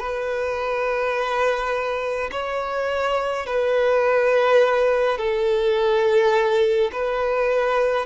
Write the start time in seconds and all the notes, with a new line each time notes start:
0.00 B4
2.32 C#5
3.47 B4
5.18 A4
6.92 B4